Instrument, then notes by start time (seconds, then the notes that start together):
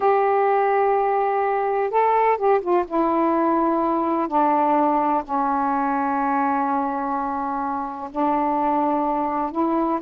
saxophone
0.00 G4
1.90 A4
2.37 G4
2.61 F4
2.87 E4
4.27 D4
5.24 C#4
8.11 D4
9.51 E4